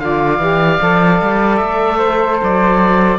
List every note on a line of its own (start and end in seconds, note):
0.00 0.39 D3
0.00 0.41 F4
0.00 1.98 D5
0.00 1.57 F5
0.39 0.79 E3
0.39 0.80 G4
0.80 1.22 F3
0.80 3.19 A4
1.22 1.61 G3
1.57 2.41 A3
1.57 2.37 E5
1.98 3.18 C5
2.43 3.19 F#3
2.43 3.19 D5